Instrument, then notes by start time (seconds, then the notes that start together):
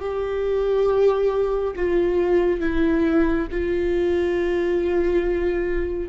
viola
0.00 G4
1.75 F4
2.60 E4
3.51 F4